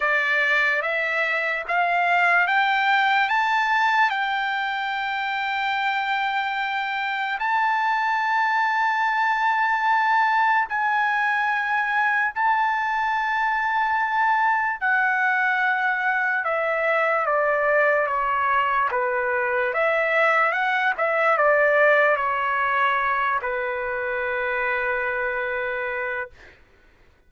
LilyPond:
\new Staff \with { instrumentName = "trumpet" } { \time 4/4 \tempo 4 = 73 d''4 e''4 f''4 g''4 | a''4 g''2.~ | g''4 a''2.~ | a''4 gis''2 a''4~ |
a''2 fis''2 | e''4 d''4 cis''4 b'4 | e''4 fis''8 e''8 d''4 cis''4~ | cis''8 b'2.~ b'8 | }